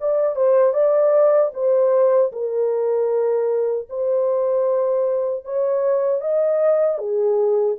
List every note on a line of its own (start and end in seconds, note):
0.00 0.35 D5
0.35 0.73 C5
0.73 1.51 D5
1.54 2.32 C5
2.32 3.88 A#4
3.89 5.44 C5
5.44 6.21 C#5
6.21 6.98 D#5
6.98 7.76 G#4